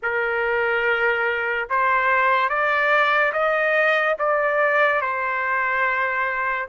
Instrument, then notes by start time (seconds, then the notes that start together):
trumpet
0.02 A#4
1.69 C5
2.49 D5
3.33 D#5
4.18 D5
5.01 C5